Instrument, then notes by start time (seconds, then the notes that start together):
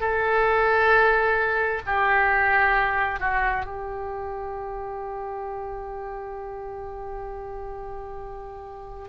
oboe
0.00 A4
1.86 G4
3.20 F#4
3.65 G4